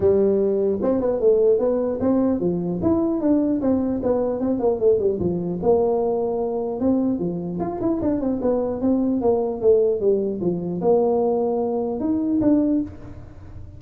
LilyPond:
\new Staff \with { instrumentName = "tuba" } { \time 4/4 \tempo 4 = 150 g2 c'8 b8 a4 | b4 c'4 f4 e'4 | d'4 c'4 b4 c'8 ais8 | a8 g8 f4 ais2~ |
ais4 c'4 f4 f'8 e'8 | d'8 c'8 b4 c'4 ais4 | a4 g4 f4 ais4~ | ais2 dis'4 d'4 | }